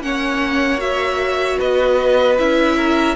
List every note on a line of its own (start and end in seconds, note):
0.00 1.58 A#3
0.00 0.78 C#4
0.00 1.59 C#5
0.00 0.80 F#5
0.78 2.36 F#4
0.78 1.59 E5
1.59 2.39 B3
1.59 2.77 B4
1.59 2.38 D#5
2.38 3.16 C#4
2.38 3.16 E4
2.38 3.16 E5
2.77 3.16 A#4